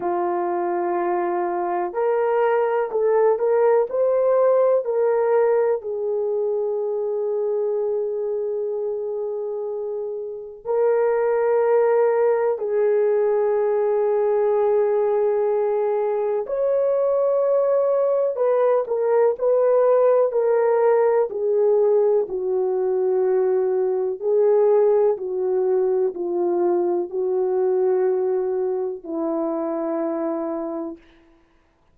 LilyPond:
\new Staff \with { instrumentName = "horn" } { \time 4/4 \tempo 4 = 62 f'2 ais'4 a'8 ais'8 | c''4 ais'4 gis'2~ | gis'2. ais'4~ | ais'4 gis'2.~ |
gis'4 cis''2 b'8 ais'8 | b'4 ais'4 gis'4 fis'4~ | fis'4 gis'4 fis'4 f'4 | fis'2 e'2 | }